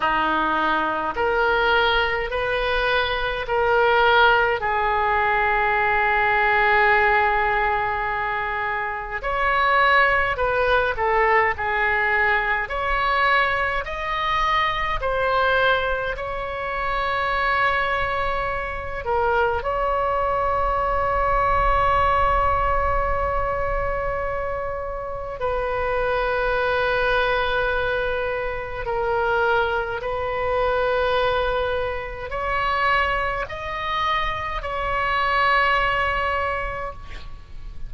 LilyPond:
\new Staff \with { instrumentName = "oboe" } { \time 4/4 \tempo 4 = 52 dis'4 ais'4 b'4 ais'4 | gis'1 | cis''4 b'8 a'8 gis'4 cis''4 | dis''4 c''4 cis''2~ |
cis''8 ais'8 cis''2.~ | cis''2 b'2~ | b'4 ais'4 b'2 | cis''4 dis''4 cis''2 | }